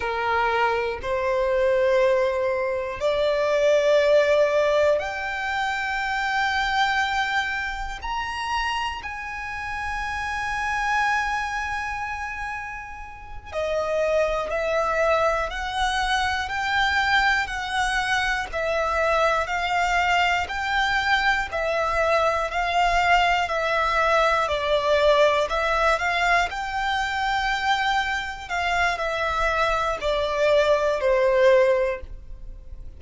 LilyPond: \new Staff \with { instrumentName = "violin" } { \time 4/4 \tempo 4 = 60 ais'4 c''2 d''4~ | d''4 g''2. | ais''4 gis''2.~ | gis''4. dis''4 e''4 fis''8~ |
fis''8 g''4 fis''4 e''4 f''8~ | f''8 g''4 e''4 f''4 e''8~ | e''8 d''4 e''8 f''8 g''4.~ | g''8 f''8 e''4 d''4 c''4 | }